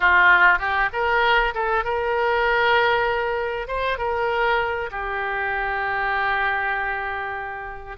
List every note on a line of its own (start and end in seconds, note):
0.00 0.58 F4
0.58 0.89 G4
0.92 1.53 A#4
1.54 1.84 A4
1.84 3.67 A#4
3.67 3.98 C5
3.98 4.90 A#4
4.91 7.97 G4